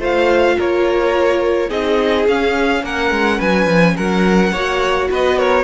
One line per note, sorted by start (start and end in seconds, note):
0.00 0.57 A3
0.00 1.70 F4
0.00 0.57 C5
0.00 0.60 F5
0.58 1.71 A#3
0.58 1.69 A#4
0.58 1.70 C#5
1.69 2.27 C4
1.69 2.26 D#4
1.69 2.82 G#4
1.69 2.27 D#5
2.28 2.84 C#4
2.28 4.56 C#4
2.28 2.85 F5
2.84 3.12 A#3
2.84 3.37 A#4
2.84 3.41 F#5
3.12 3.40 G#3
3.37 3.67 F#3
3.37 3.94 B4
3.37 3.97 G#5
3.67 3.95 F3
3.97 4.52 F#3
3.97 4.52 A#4
3.97 5.10 F#5
4.52 5.09 A#3
4.52 5.65 F#4
4.52 5.09 C#5
5.11 5.65 B3
5.11 5.38 B4
5.11 5.39 D#5
5.38 5.65 A#4
5.38 5.65 C#5